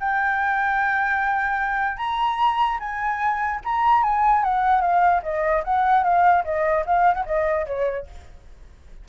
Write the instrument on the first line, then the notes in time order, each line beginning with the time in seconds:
flute
0.00 G5
1.97 A#5
2.80 G#5
3.64 A#5
4.03 G#5
4.44 F#5
4.81 F5
5.23 D#5
5.64 F#5
6.04 F5
6.44 D#5
6.86 F5
7.14 F#5
7.26 D#5
7.66 C#5